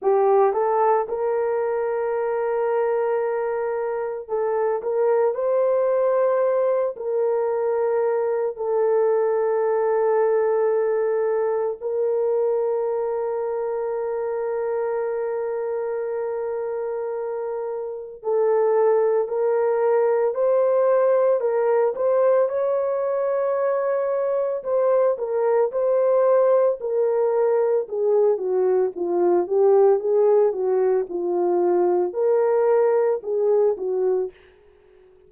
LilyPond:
\new Staff \with { instrumentName = "horn" } { \time 4/4 \tempo 4 = 56 g'8 a'8 ais'2. | a'8 ais'8 c''4. ais'4. | a'2. ais'4~ | ais'1~ |
ais'4 a'4 ais'4 c''4 | ais'8 c''8 cis''2 c''8 ais'8 | c''4 ais'4 gis'8 fis'8 f'8 g'8 | gis'8 fis'8 f'4 ais'4 gis'8 fis'8 | }